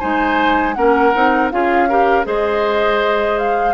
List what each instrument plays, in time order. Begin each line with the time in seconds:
0.00 bassoon G#3, clarinet D#4, oboe C5, flute G#5
0.74 bassoon A#3, clarinet C#4, oboe A#4, flute F#5
1.15 bassoon C4, clarinet D#4
1.51 bassoon C#4, clarinet F4, oboe G#4, flute F5
1.89 clarinet G4, oboe A#4
2.24 bassoon G#3, clarinet G#4, oboe C5, flute D#5
3.39 flute F5